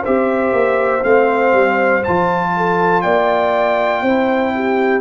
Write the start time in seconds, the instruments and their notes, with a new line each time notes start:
0.00 trombone G4, horn C5, trumpet E5
0.07 tuba C4
0.52 tuba A#3
1.01 tuba A3, trombone C4, trumpet F5
1.53 tuba G3
2.04 tuba F3, trombone F4, trumpet A5
2.56 horn A4
3.01 tuba A#3, horn D5, trumpet G5
4.02 tuba C4, trombone E4, horn C5
4.54 horn G4